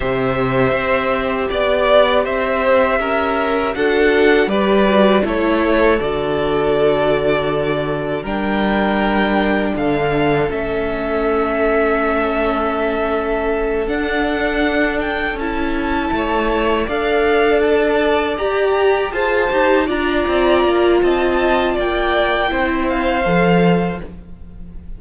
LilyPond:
<<
  \new Staff \with { instrumentName = "violin" } { \time 4/4 \tempo 4 = 80 e''2 d''4 e''4~ | e''4 fis''4 d''4 cis''4 | d''2. g''4~ | g''4 f''4 e''2~ |
e''2~ e''8 fis''4. | g''8 a''2 f''4 a''8~ | a''8 ais''4 a''4 ais''4. | a''4 g''4. f''4. | }
  \new Staff \with { instrumentName = "violin" } { \time 4/4 c''2 d''4 c''4 | ais'4 a'4 b'4 a'4~ | a'2. ais'4~ | ais'4 a'2.~ |
a'1~ | a'4. cis''4 d''4.~ | d''4. c''4 d''4. | dis''4 d''4 c''2 | }
  \new Staff \with { instrumentName = "viola" } { \time 4/4 g'1~ | g'4 fis'4 g'8 fis'8 e'4 | fis'2. d'4~ | d'2 cis'2~ |
cis'2~ cis'8 d'4.~ | d'8 e'2 a'4.~ | a'8 g'4 gis'8 g'8 f'4.~ | f'2 e'4 a'4 | }
  \new Staff \with { instrumentName = "cello" } { \time 4/4 c4 c'4 b4 c'4 | cis'4 d'4 g4 a4 | d2. g4~ | g4 d4 a2~ |
a2~ a8 d'4.~ | d'8 cis'4 a4 d'4.~ | d'8 g'4 f'8 dis'8 d'8 c'8 ais8 | c'4 ais4 c'4 f4 | }
>>